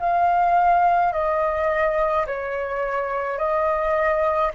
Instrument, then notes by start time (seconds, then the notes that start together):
flute
0.00 F5
1.13 D#5
2.27 C#5
3.38 D#5